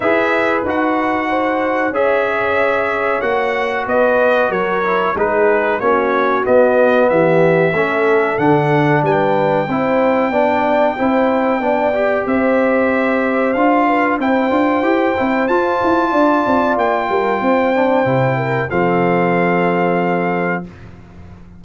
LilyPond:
<<
  \new Staff \with { instrumentName = "trumpet" } { \time 4/4 \tempo 4 = 93 e''4 fis''2 e''4~ | e''4 fis''4 dis''4 cis''4 | b'4 cis''4 dis''4 e''4~ | e''4 fis''4 g''2~ |
g''2. e''4~ | e''4 f''4 g''2 | a''2 g''2~ | g''4 f''2. | }
  \new Staff \with { instrumentName = "horn" } { \time 4/4 b'2 c''4 cis''4~ | cis''2 b'4 ais'4 | gis'4 fis'2 g'4 | a'2 b'4 c''4 |
d''4 c''4 d''4 c''4~ | c''4. b'8 c''2~ | c''4 d''4. ais'8 c''4~ | c''8 ais'8 a'2. | }
  \new Staff \with { instrumentName = "trombone" } { \time 4/4 gis'4 fis'2 gis'4~ | gis'4 fis'2~ fis'8 e'8 | dis'4 cis'4 b2 | cis'4 d'2 e'4 |
d'4 e'4 d'8 g'4.~ | g'4 f'4 e'8 f'8 g'8 e'8 | f'2.~ f'8 d'8 | e'4 c'2. | }
  \new Staff \with { instrumentName = "tuba" } { \time 4/4 e'4 dis'2 cis'4~ | cis'4 ais4 b4 fis4 | gis4 ais4 b4 e4 | a4 d4 g4 c'4 |
b4 c'4 b4 c'4~ | c'4 d'4 c'8 d'8 e'8 c'8 | f'8 e'8 d'8 c'8 ais8 g8 c'4 | c4 f2. | }
>>